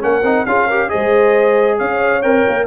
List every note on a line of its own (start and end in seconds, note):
0.00 0.23 A#3
0.00 0.22 C#4
0.00 0.47 A#4
0.00 0.46 F#5
0.23 0.45 C4
0.23 0.47 D#4
0.46 0.91 C#4
0.46 0.70 F4
0.46 0.67 G#4
0.46 0.90 F5
0.67 0.90 G4
0.67 0.89 A#4
0.90 1.81 G#3
0.90 2.22 G#4
0.90 1.78 C5
0.90 1.78 D#5
1.78 2.24 C#4
1.78 2.66 C#5
1.78 2.23 F5
2.23 2.46 C4
2.23 2.67 A#4
2.23 2.67 G5
2.49 2.67 A#3